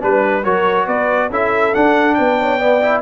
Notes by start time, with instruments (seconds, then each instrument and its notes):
0.00 tuba G3, trombone D4, trumpet B4, horn B4
0.43 tuba F#3, trombone F#4, horn A#4, trumpet C#5
0.85 tuba B3, horn B4, trumpet D5
1.30 tuba C#4, trombone E4, horn A4, trumpet E5
1.74 trombone D4, tuba D4, trumpet F#5
2.14 tuba B3, horn B4, trumpet G5
2.40 horn C#5
2.59 trombone B3, horn D5
2.82 trombone E4